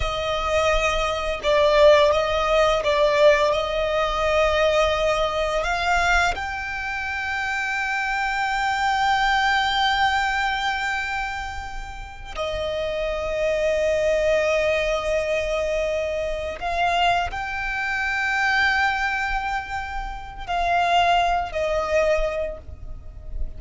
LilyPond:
\new Staff \with { instrumentName = "violin" } { \time 4/4 \tempo 4 = 85 dis''2 d''4 dis''4 | d''4 dis''2. | f''4 g''2.~ | g''1~ |
g''4. dis''2~ dis''8~ | dis''2.~ dis''8 f''8~ | f''8 g''2.~ g''8~ | g''4 f''4. dis''4. | }